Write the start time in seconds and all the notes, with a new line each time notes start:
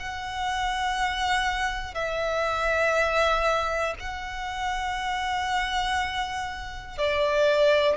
0.00 F#5
1.95 E5
4.00 F#5
6.98 D5